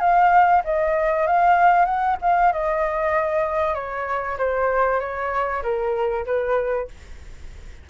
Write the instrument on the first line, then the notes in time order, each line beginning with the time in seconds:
flute
0.00 F5
0.64 D#5
1.27 F5
1.85 F#5
2.21 F5
2.53 D#5
3.74 C#5
4.38 C5
5.00 C#5
5.63 A#4
6.26 B4